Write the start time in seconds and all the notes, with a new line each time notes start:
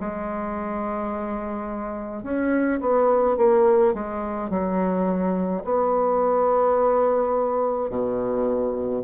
0.00 G#3
2.23 C#4
2.81 B3
3.37 A#3
3.94 G#3
4.50 F#3
5.64 B3
7.90 B2